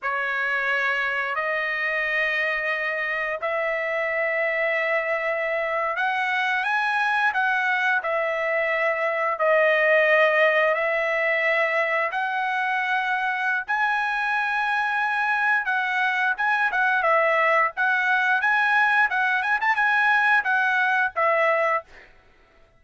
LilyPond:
\new Staff \with { instrumentName = "trumpet" } { \time 4/4 \tempo 4 = 88 cis''2 dis''2~ | dis''4 e''2.~ | e''8. fis''4 gis''4 fis''4 e''16~ | e''4.~ e''16 dis''2 e''16~ |
e''4.~ e''16 fis''2~ fis''16 | gis''2. fis''4 | gis''8 fis''8 e''4 fis''4 gis''4 | fis''8 gis''16 a''16 gis''4 fis''4 e''4 | }